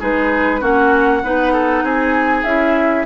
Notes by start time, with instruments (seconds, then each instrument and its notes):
0.00 bassoon G#3, clarinet D#4, oboe G#4, flute B4
0.61 bassoon A#3, clarinet C#4, oboe F#4, flute F#5
1.23 bassoon B3, clarinet D#4, oboe B4
1.53 oboe A4
1.83 bassoon C4, oboe G#4, flute G#5
2.44 bassoon C#4, clarinet E4, flute E5